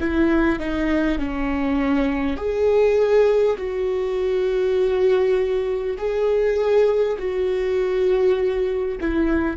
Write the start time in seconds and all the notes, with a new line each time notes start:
0.00 E4
0.59 D#4
1.18 C#4
2.37 G#4
3.57 F#4
5.97 G#4
7.18 F#4
9.01 E4